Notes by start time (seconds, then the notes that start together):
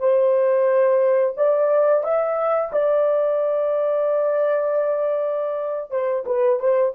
0.00 C5
1.37 D5
2.04 E5
2.73 D5
5.91 C5
6.26 B4
6.60 C5